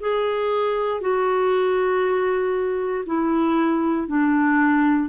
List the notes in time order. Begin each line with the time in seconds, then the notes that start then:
0.00 G#4
1.01 F#4
3.06 E4
4.08 D4